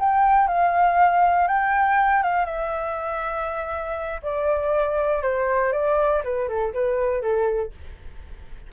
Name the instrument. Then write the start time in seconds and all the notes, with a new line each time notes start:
flute
0.00 G5
0.48 F5
1.48 G5
2.23 F5
2.46 E5
4.23 D5
5.23 C5
5.73 D5
6.24 B4
6.49 A4
6.74 B4
7.22 A4